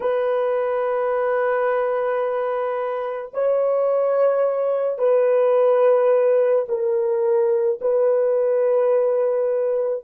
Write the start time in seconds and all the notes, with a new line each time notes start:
0.00 B4
3.33 C#5
4.98 B4
6.68 A#4
7.81 B4